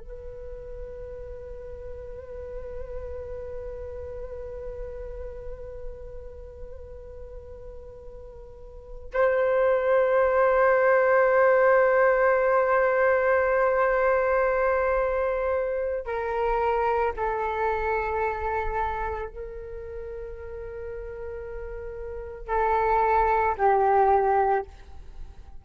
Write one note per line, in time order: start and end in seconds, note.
0.00 9.11 B4
9.14 16.06 C5
16.06 17.13 A#4
17.17 19.29 A4
19.29 22.48 A#4
22.48 23.55 A4
23.58 24.65 G4